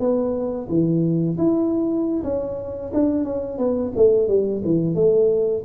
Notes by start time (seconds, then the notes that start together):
0.00 B3
0.69 E3
1.38 E4
2.24 C#4
2.94 D4
3.25 C#4
3.58 B3
3.96 A3
4.29 G3
4.65 E3
4.95 A3